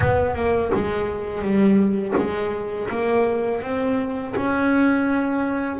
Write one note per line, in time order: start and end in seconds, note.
0.00 0.35 B3
0.35 0.71 A#3
0.74 1.41 G#3
1.41 2.14 G3
2.17 2.89 G#3
2.89 3.62 A#3
3.62 4.34 C4
4.36 5.80 C#4